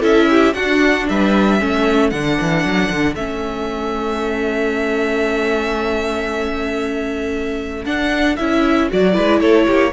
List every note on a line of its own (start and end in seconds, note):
0.00 0.53 C#4
0.00 0.53 E4
0.00 0.26 A4
0.00 0.54 E5
0.29 0.55 G4
0.53 1.06 D4
0.53 1.59 D4
0.53 1.08 F#4
0.53 1.06 F#5
1.09 1.61 G3
1.09 1.59 B4
1.09 2.10 E5
1.59 2.12 A3
1.59 2.11 C#4
1.59 9.13 A4
2.10 2.38 D3
2.10 3.17 D4
2.10 3.14 F#5
2.40 2.64 E3
2.64 2.89 F#3
2.89 3.15 D3
3.15 7.84 A3
3.15 7.85 C#4
3.15 7.85 E5
7.85 8.37 D4
7.85 8.38 D4
7.85 8.36 F#5
8.36 8.91 C#4
8.36 8.89 E4
8.36 8.88 E5
8.89 9.17 F#3
8.89 9.12 F#4
8.89 9.40 D5
9.12 9.40 G#3
9.12 9.91 E4
9.12 9.40 B4
9.40 9.66 A3
9.40 9.66 A4
9.40 9.92 C#5
9.66 9.92 A#3
9.66 9.92 G4